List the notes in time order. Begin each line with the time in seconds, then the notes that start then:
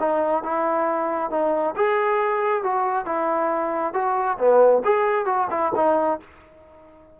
0.00 D#4
0.44 E4
1.31 D#4
1.76 G#4
2.64 F#4
3.06 E4
3.94 F#4
4.39 B3
4.84 G#4
5.26 F#4
5.51 E4
5.76 D#4